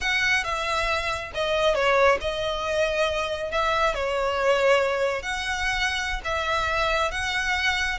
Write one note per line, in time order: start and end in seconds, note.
0.00 0.44 F#5
0.44 1.31 E5
1.34 1.74 D#5
1.74 2.18 C#5
2.20 3.51 D#5
3.51 3.94 E5
3.94 5.22 C#5
5.22 6.21 F#5
6.24 7.11 E5
7.11 7.98 F#5